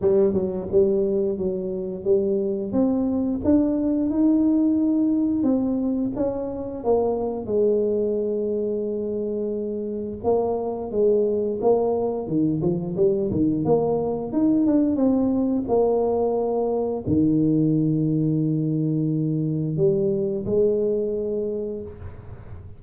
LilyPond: \new Staff \with { instrumentName = "tuba" } { \time 4/4 \tempo 4 = 88 g8 fis8 g4 fis4 g4 | c'4 d'4 dis'2 | c'4 cis'4 ais4 gis4~ | gis2. ais4 |
gis4 ais4 dis8 f8 g8 dis8 | ais4 dis'8 d'8 c'4 ais4~ | ais4 dis2.~ | dis4 g4 gis2 | }